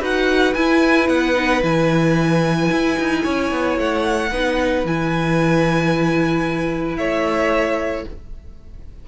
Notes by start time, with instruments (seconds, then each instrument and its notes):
0.00 cello D#4, viola F#4, violin B4 F#5
0.54 cello E4, viola E4, violin G#5
1.09 cello B3, violin F#5
1.35 viola D#4
1.61 cello E3, viola E4, violin G#5
2.71 cello E4
2.99 cello D#4
3.23 cello C#4, violin C#5
3.51 cello B3
3.78 cello A3, violin F#5
4.31 cello B3, viola D#4, violin B4
4.84 cello E3, viola E4, violin G#5
6.96 cello A3, violin C#5 E5